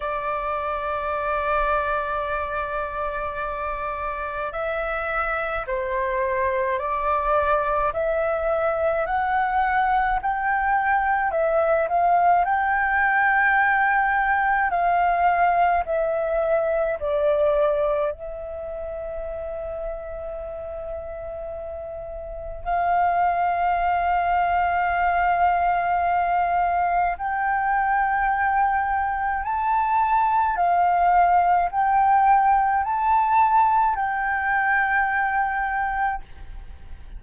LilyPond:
\new Staff \with { instrumentName = "flute" } { \time 4/4 \tempo 4 = 53 d''1 | e''4 c''4 d''4 e''4 | fis''4 g''4 e''8 f''8 g''4~ | g''4 f''4 e''4 d''4 |
e''1 | f''1 | g''2 a''4 f''4 | g''4 a''4 g''2 | }